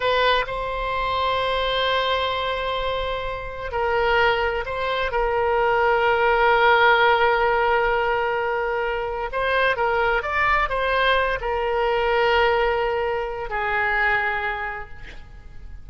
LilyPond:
\new Staff \with { instrumentName = "oboe" } { \time 4/4 \tempo 4 = 129 b'4 c''2.~ | c''1 | ais'2 c''4 ais'4~ | ais'1~ |
ais'1 | c''4 ais'4 d''4 c''4~ | c''8 ais'2.~ ais'8~ | ais'4 gis'2. | }